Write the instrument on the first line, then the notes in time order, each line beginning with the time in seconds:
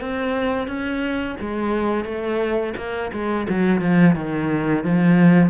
cello
0.00 C4
0.67 C#4
1.39 G#3
2.04 A3
2.76 A#3
3.12 G#3
3.48 F#3
3.81 F3
4.15 D#3
4.84 F3